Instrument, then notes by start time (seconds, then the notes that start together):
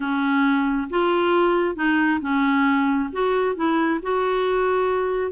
clarinet
0.00 C#4
0.90 F4
1.75 D#4
2.20 C#4
3.12 F#4
3.55 E4
4.02 F#4